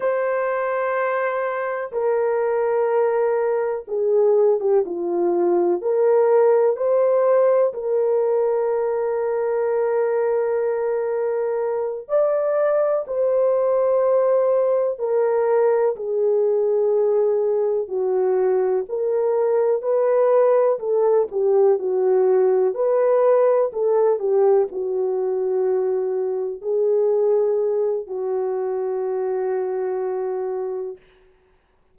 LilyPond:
\new Staff \with { instrumentName = "horn" } { \time 4/4 \tempo 4 = 62 c''2 ais'2 | gis'8. g'16 f'4 ais'4 c''4 | ais'1~ | ais'8 d''4 c''2 ais'8~ |
ais'8 gis'2 fis'4 ais'8~ | ais'8 b'4 a'8 g'8 fis'4 b'8~ | b'8 a'8 g'8 fis'2 gis'8~ | gis'4 fis'2. | }